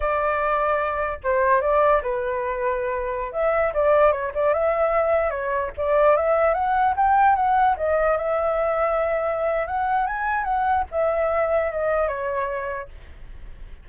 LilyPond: \new Staff \with { instrumentName = "flute" } { \time 4/4 \tempo 4 = 149 d''2. c''4 | d''4 b'2.~ | b'16 e''4 d''4 cis''8 d''8 e''8.~ | e''4~ e''16 cis''4 d''4 e''8.~ |
e''16 fis''4 g''4 fis''4 dis''8.~ | dis''16 e''2.~ e''8. | fis''4 gis''4 fis''4 e''4~ | e''4 dis''4 cis''2 | }